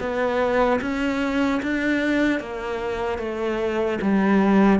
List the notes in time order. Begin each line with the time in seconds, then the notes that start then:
0.00 B3
0.81 C#4
1.63 D4
2.40 A#3
3.19 A3
4.01 G3